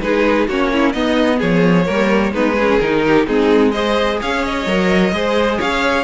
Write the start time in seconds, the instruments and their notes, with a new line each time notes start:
0.00 cello G#3, viola D#4, violin G#4 B4
0.47 cello A#3, viola C#4, violin F#4 C#5
0.72 violin E4
0.92 cello B3, viola B3, violin D#4 D#5
1.38 cello F3, violin G#4 C#5
1.85 cello G3, viola A#3, violin A#4
2.32 cello G#3, viola B3, violin D#4 B4
2.55 viola C#4, violin G#4
2.79 cello D#3, viola D#4, violin A#4
3.05 violin G4
3.26 cello G#3, viola C4, violin D#4 G#4
3.71 viola G#4, violin C5 D#5
4.21 cello C#4, violin C#5 F5
4.44 violin D#5
4.66 cello F#3, viola A#4
5.12 cello G#3, viola G#4, violin C5
5.58 cello C#4, violin C#5 F5